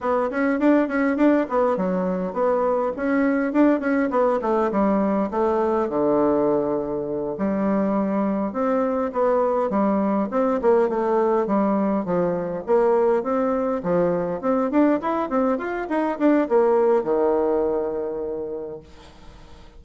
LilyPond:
\new Staff \with { instrumentName = "bassoon" } { \time 4/4 \tempo 4 = 102 b8 cis'8 d'8 cis'8 d'8 b8 fis4 | b4 cis'4 d'8 cis'8 b8 a8 | g4 a4 d2~ | d8 g2 c'4 b8~ |
b8 g4 c'8 ais8 a4 g8~ | g8 f4 ais4 c'4 f8~ | f8 c'8 d'8 e'8 c'8 f'8 dis'8 d'8 | ais4 dis2. | }